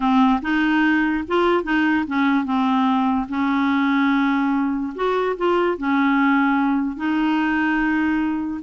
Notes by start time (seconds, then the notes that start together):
0.00 C4
0.41 D#4
1.27 F4
1.63 D#4
2.07 C#4
2.44 C4
3.29 C#4
4.95 F#4
5.36 F4
5.77 C#4
6.96 D#4